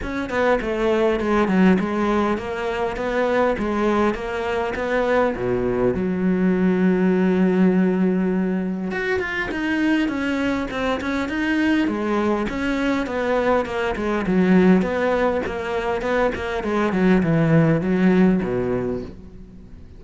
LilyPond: \new Staff \with { instrumentName = "cello" } { \time 4/4 \tempo 4 = 101 cis'8 b8 a4 gis8 fis8 gis4 | ais4 b4 gis4 ais4 | b4 b,4 fis2~ | fis2. fis'8 f'8 |
dis'4 cis'4 c'8 cis'8 dis'4 | gis4 cis'4 b4 ais8 gis8 | fis4 b4 ais4 b8 ais8 | gis8 fis8 e4 fis4 b,4 | }